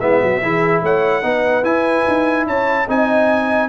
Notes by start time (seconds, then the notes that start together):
0.00 G#3 B3 E4 E5
0.21 F#3 F#4
0.42 E3 E4 G#4
0.83 A3 C#5 F#5
1.23 B3 D#4 B4
1.63 E4 G#5
2.08 D#4
2.46 C#4 C#5 A5
2.88 C4 D#4 D#5 G#5